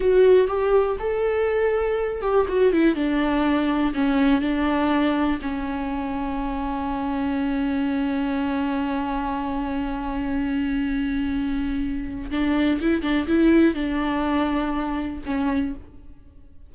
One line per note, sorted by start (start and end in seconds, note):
0.00 0.47 F#4
0.47 0.97 G4
0.99 2.21 A4
2.21 2.46 G4
2.48 2.72 F#4
2.72 2.95 E4
2.95 3.93 D4
3.94 4.41 C#4
4.41 5.39 D4
5.41 12.30 C#4
12.31 12.80 D4
12.80 13.02 E4
13.02 13.26 D4
13.27 13.74 E4
13.74 15.22 D4
15.25 15.74 C#4